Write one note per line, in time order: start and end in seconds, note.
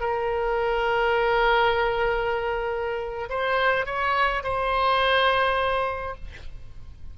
0.00 3.28 A#4
3.29 3.85 C5
3.85 4.43 C#5
4.43 6.15 C5